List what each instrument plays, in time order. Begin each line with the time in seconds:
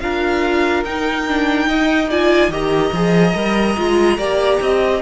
0.00 cello D4, viola F4, violin A#4 F5
0.84 cello D#4, viola D#4, violin G5
1.28 viola D4
1.67 viola D#4, violin D#5
2.10 viola F4, violin D5 G#5
2.48 cello D#3, viola G4, violin D#5 A#5
2.92 cello F3, viola G#4
3.35 cello G3, viola A#4
3.77 cello G#3, viola F4
4.18 cello A#3, viola G4, violin D5
4.60 cello C4, violin D#5